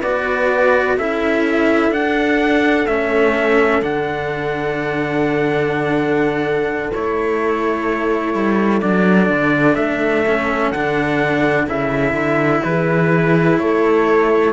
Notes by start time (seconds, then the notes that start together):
0.00 B3 F#4 B4 D5
0.97 C#4 E4 A4 E5
1.89 D4 F#5
2.87 A3 C#4 E5
3.82 D3 D4 F#5
6.93 A3 E4 C#5
8.34 G3
8.81 F#3 D4 D5
9.29 D3
9.75 A3 E5
10.27 C#4
10.71 D3 D4 F#5
11.67 C#3 E4 E5
12.13 D3
12.63 E3 G#4 B4
13.59 A3 A4 C#5